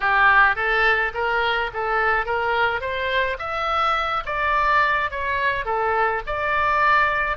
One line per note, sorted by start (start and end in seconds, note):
0.00 0.55 G4
0.55 1.12 A4
1.14 1.70 A#4
1.73 2.25 A4
2.25 2.80 A#4
2.80 3.37 C5
3.38 4.23 E5
4.25 5.10 D5
5.10 5.65 C#5
5.65 6.21 A4
6.26 7.37 D5